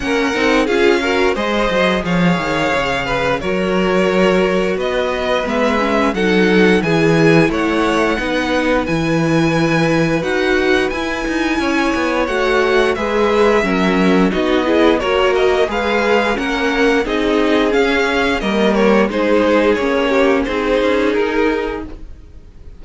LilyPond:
<<
  \new Staff \with { instrumentName = "violin" } { \time 4/4 \tempo 4 = 88 fis''4 f''4 dis''4 f''4~ | f''4 cis''2 dis''4 | e''4 fis''4 gis''4 fis''4~ | fis''4 gis''2 fis''4 |
gis''2 fis''4 e''4~ | e''4 dis''4 cis''8 dis''8 f''4 | fis''4 dis''4 f''4 dis''8 cis''8 | c''4 cis''4 c''4 ais'4 | }
  \new Staff \with { instrumentName = "violin" } { \time 4/4 ais'4 gis'8 ais'8 c''4 cis''4~ | cis''8 b'8 ais'2 b'4~ | b'4 a'4 gis'4 cis''4 | b'1~ |
b'4 cis''2 b'4 | ais'4 fis'8 gis'8 ais'4 b'4 | ais'4 gis'2 ais'4 | gis'4. g'8 gis'2 | }
  \new Staff \with { instrumentName = "viola" } { \time 4/4 cis'8 dis'8 f'8 fis'8 gis'2~ | gis'4 fis'2. | b8 cis'8 dis'4 e'2 | dis'4 e'2 fis'4 |
e'2 fis'4 gis'4 | cis'4 dis'8 e'8 fis'4 gis'4 | cis'4 dis'4 cis'4 ais4 | dis'4 cis'4 dis'2 | }
  \new Staff \with { instrumentName = "cello" } { \time 4/4 ais8 c'8 cis'4 gis8 fis8 f8 dis8 | cis4 fis2 b4 | gis4 fis4 e4 a4 | b4 e2 dis'4 |
e'8 dis'8 cis'8 b8 a4 gis4 | fis4 b4 ais4 gis4 | ais4 c'4 cis'4 g4 | gis4 ais4 c'8 cis'8 dis'4 | }
>>